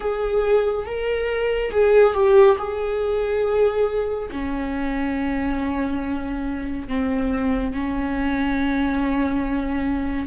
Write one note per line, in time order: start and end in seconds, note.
0.00 0.85 G#4
0.85 1.70 A#4
1.70 2.13 G#4
2.13 2.56 G4
2.58 4.29 G#4
4.31 6.88 C#4
6.88 7.73 C4
7.73 10.27 C#4